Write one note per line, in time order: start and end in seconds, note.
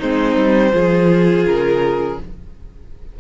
0.00 0.37 G#3
0.00 0.73 C4
0.00 0.73 D#4
0.00 1.46 C5
0.37 0.73 G3
0.73 1.46 F3
0.73 2.19 F4
0.73 2.20 G#4
1.46 2.19 C#3
1.46 2.19 A#4